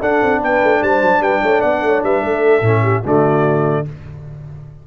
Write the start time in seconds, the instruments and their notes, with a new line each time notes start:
0.00 trombone D4, tuba D4, horn A4, trumpet F#5
0.22 tuba C4
0.40 tuba B3, horn B4, trumpet G5
0.63 tuba A3
0.81 tuba G3, horn C5, trumpet A5
1.01 tuba F#3
1.20 tuba G3, horn B4, trumpet G5
1.42 tuba A3, horn C#5
1.59 tuba B3, horn D5, trumpet F#5
1.82 tuba A3, horn C#5
2.03 tuba G3, horn B4, trumpet E5
2.22 tuba A3, horn A4
2.61 tuba A2, trombone C#4
2.82 horn G4
3.03 tuba D3, trombone A3, horn F#4, trumpet D5